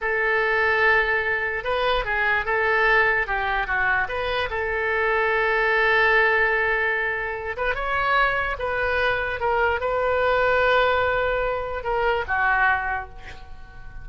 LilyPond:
\new Staff \with { instrumentName = "oboe" } { \time 4/4 \tempo 4 = 147 a'1 | b'4 gis'4 a'2 | g'4 fis'4 b'4 a'4~ | a'1~ |
a'2~ a'8 b'8 cis''4~ | cis''4 b'2 ais'4 | b'1~ | b'4 ais'4 fis'2 | }